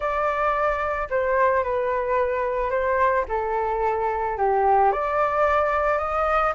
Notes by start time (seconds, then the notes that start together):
0.00 D5
1.10 C5
1.63 B4
2.70 C5
3.28 A4
4.37 G4
4.91 D5
5.98 D#5